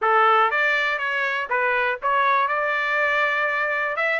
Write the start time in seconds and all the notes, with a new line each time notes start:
0.01 A4
0.50 D5
0.98 C#5
1.49 B4
2.02 C#5
2.48 D5
3.96 E5